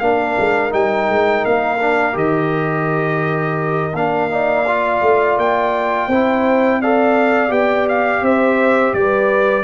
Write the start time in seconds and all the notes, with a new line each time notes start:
0.00 A#3 D4 A#4 F5
0.39 G#3
0.70 G3 D#4 G5
1.09 G#3
1.45 A#3 F5
1.81 D4
2.13 D#3 G4 D#5
3.94 A#3 D4 F5
4.30 D#4 D5
4.67 F4
5.02 A3
5.37 A#3 G5
6.08 C4 E4 C5
6.81 A4 D5 F5
7.49 B3 G4 G5
7.89 F5
8.22 C4 C5 E5
8.94 G3 B4 D5